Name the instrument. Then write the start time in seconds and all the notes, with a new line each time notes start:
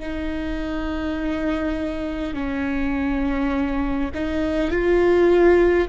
viola
0.00 D#4
2.34 C#4
4.14 D#4
4.71 F4